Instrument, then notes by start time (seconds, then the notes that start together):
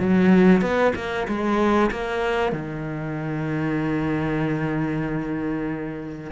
cello
0.00 F#3
0.62 B3
0.96 A#3
1.28 G#3
1.91 A#3
2.53 D#3